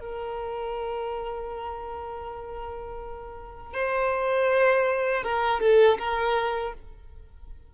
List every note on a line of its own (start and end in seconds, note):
0.00 3.74 A#4
3.74 5.24 C5
5.24 5.61 A#4
5.61 5.98 A4
5.99 6.74 A#4